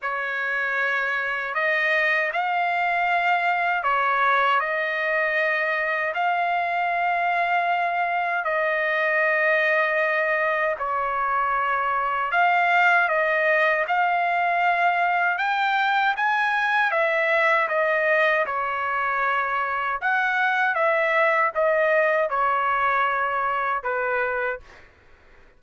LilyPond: \new Staff \with { instrumentName = "trumpet" } { \time 4/4 \tempo 4 = 78 cis''2 dis''4 f''4~ | f''4 cis''4 dis''2 | f''2. dis''4~ | dis''2 cis''2 |
f''4 dis''4 f''2 | g''4 gis''4 e''4 dis''4 | cis''2 fis''4 e''4 | dis''4 cis''2 b'4 | }